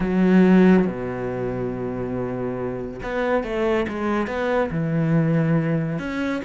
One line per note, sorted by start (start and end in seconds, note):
0.00 0.85 F#3
0.86 3.00 B2
3.03 3.43 B3
3.43 3.86 A3
3.88 4.27 G#3
4.27 4.69 B3
4.70 5.99 E3
5.99 6.41 C#4